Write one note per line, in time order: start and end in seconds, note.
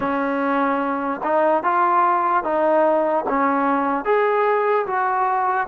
0.00 1.21 C#4
1.23 1.63 D#4
1.63 2.43 F4
2.43 3.24 D#4
3.28 4.05 C#4
4.05 4.86 G#4
4.86 5.67 F#4